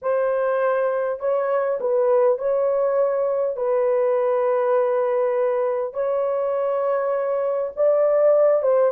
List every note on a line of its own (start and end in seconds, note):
0.02 1.19 C5
1.19 1.78 C#5
1.80 2.38 B4
2.38 3.56 C#5
3.56 5.93 B4
5.93 7.71 C#5
7.76 8.62 D5
8.62 8.91 C5